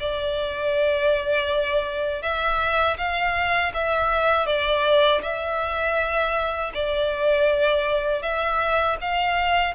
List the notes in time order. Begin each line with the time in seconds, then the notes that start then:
0.00 D5
2.22 E5
2.98 F5
3.74 E5
4.47 D5
5.23 E5
6.75 D5
8.23 E5
9.01 F5